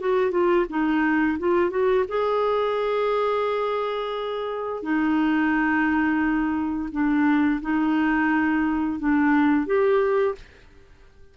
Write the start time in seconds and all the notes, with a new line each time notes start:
0.00 F#4
0.31 F4
0.70 D#4
1.39 F4
1.70 F#4
2.08 G#4
4.83 D#4
6.92 D4
7.62 D#4
9.00 D4
9.66 G4